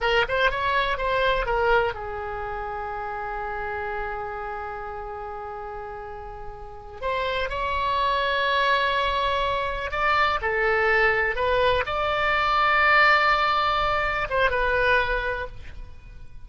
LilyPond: \new Staff \with { instrumentName = "oboe" } { \time 4/4 \tempo 4 = 124 ais'8 c''8 cis''4 c''4 ais'4 | gis'1~ | gis'1~ | gis'2~ gis'8 c''4 cis''8~ |
cis''1~ | cis''8 d''4 a'2 b'8~ | b'8 d''2.~ d''8~ | d''4. c''8 b'2 | }